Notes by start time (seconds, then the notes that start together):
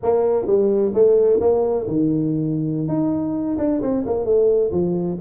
0.03 A#3
0.46 G3
0.94 A3
1.40 A#3
1.87 D#3
2.87 D#4
3.58 D4
3.81 C4
4.06 A#3
4.25 A3
4.71 F3